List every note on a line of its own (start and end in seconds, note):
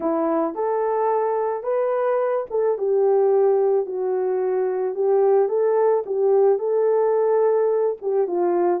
0.00 0.54 E4
0.55 1.63 A4
1.63 2.45 B4
2.50 2.77 A4
2.78 3.86 G4
3.86 4.94 F#4
4.94 5.48 G4
5.48 6.03 A4
6.06 6.59 G4
6.59 7.96 A4
8.01 8.27 G4
8.27 8.80 F4